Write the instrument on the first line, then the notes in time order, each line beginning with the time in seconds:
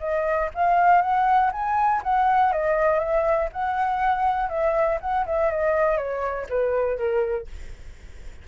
flute
0.00 D#5
0.55 F5
1.02 F#5
1.53 G#5
2.04 F#5
2.53 D#5
3.00 E5
3.53 F#5
4.50 E5
5.01 F#5
5.27 E5
5.52 D#5
5.98 C#5
6.50 B4
6.98 A#4